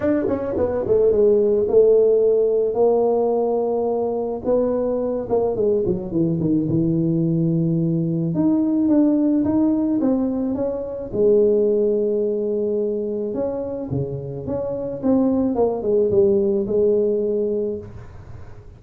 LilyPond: \new Staff \with { instrumentName = "tuba" } { \time 4/4 \tempo 4 = 108 d'8 cis'8 b8 a8 gis4 a4~ | a4 ais2. | b4. ais8 gis8 fis8 e8 dis8 | e2. dis'4 |
d'4 dis'4 c'4 cis'4 | gis1 | cis'4 cis4 cis'4 c'4 | ais8 gis8 g4 gis2 | }